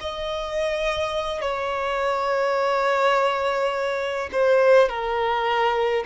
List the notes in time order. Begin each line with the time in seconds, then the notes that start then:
0.00 D#5
1.41 C#5
4.32 C5
4.89 A#4